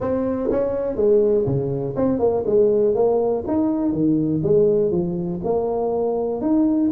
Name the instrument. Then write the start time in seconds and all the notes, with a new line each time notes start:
tuba
0.00 C4
0.51 C#4
0.96 G#3
1.46 C#3
1.95 C4
2.19 A#3
2.46 G#3
2.94 A#3
3.47 D#4
3.92 D#3
4.43 G#3
4.91 F3
5.43 A#3
6.41 D#4